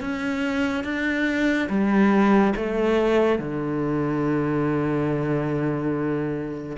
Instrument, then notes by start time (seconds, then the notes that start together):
cello
0.00 C#4
0.84 D4
1.69 G3
2.55 A3
3.38 D3